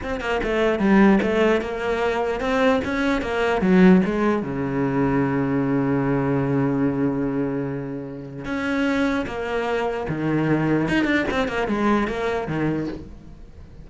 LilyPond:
\new Staff \with { instrumentName = "cello" } { \time 4/4 \tempo 4 = 149 c'8 ais8 a4 g4 a4 | ais2 c'4 cis'4 | ais4 fis4 gis4 cis4~ | cis1~ |
cis1~ | cis4 cis'2 ais4~ | ais4 dis2 dis'8 d'8 | c'8 ais8 gis4 ais4 dis4 | }